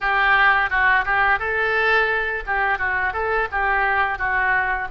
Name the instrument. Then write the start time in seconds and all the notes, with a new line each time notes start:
oboe
0.01 G4
0.70 F#4
1.05 G4
1.39 A4
2.46 G4
2.78 F#4
3.13 A4
3.51 G4
4.18 F#4